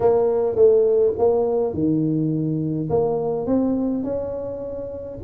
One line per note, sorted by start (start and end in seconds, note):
0.00 0.55 A#3
0.55 1.13 A3
1.17 1.73 A#3
1.73 2.88 D#3
2.89 3.46 A#3
3.46 4.03 C4
4.03 5.18 C#4